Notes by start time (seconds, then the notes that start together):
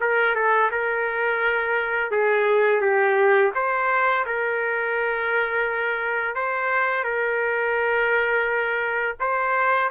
0.00 A#4
0.35 A4
0.71 A#4
2.11 G#4
2.81 G4
3.55 C5
4.26 A#4
6.35 C5
7.04 A#4
9.20 C5